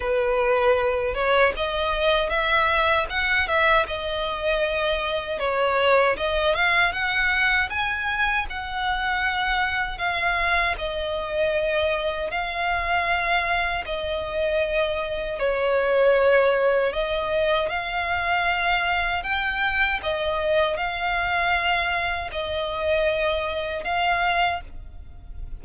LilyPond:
\new Staff \with { instrumentName = "violin" } { \time 4/4 \tempo 4 = 78 b'4. cis''8 dis''4 e''4 | fis''8 e''8 dis''2 cis''4 | dis''8 f''8 fis''4 gis''4 fis''4~ | fis''4 f''4 dis''2 |
f''2 dis''2 | cis''2 dis''4 f''4~ | f''4 g''4 dis''4 f''4~ | f''4 dis''2 f''4 | }